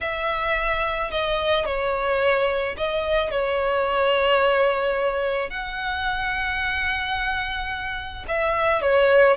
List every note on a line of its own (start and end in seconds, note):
0.01 1.11 E5
1.11 1.65 D#5
1.65 2.75 C#5
2.77 3.30 D#5
3.30 5.50 C#5
5.50 8.25 F#5
8.27 8.81 E5
8.81 9.36 C#5